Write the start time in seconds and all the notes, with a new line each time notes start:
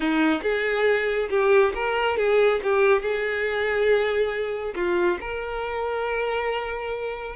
0.00 D#4
0.42 G#4
1.30 G4
1.74 A#4
2.17 G#4
2.63 G4
3.01 G#4
4.75 F4
5.20 A#4